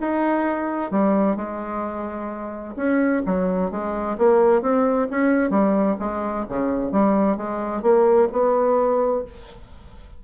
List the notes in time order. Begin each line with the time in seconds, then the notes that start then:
0.00 D#4
0.91 G3
1.36 G#3
2.76 C#4
3.26 F#3
3.71 G#3
4.18 A#3
4.62 C4
5.11 C#4
5.50 G3
5.99 G#3
6.49 C#3
6.92 G3
7.37 G#3
7.82 A#3
8.32 B3